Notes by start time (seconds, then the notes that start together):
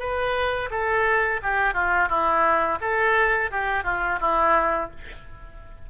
0.00 B4
0.71 A4
1.43 G4
1.74 F4
2.09 E4
2.81 A4
3.51 G4
3.84 F4
4.21 E4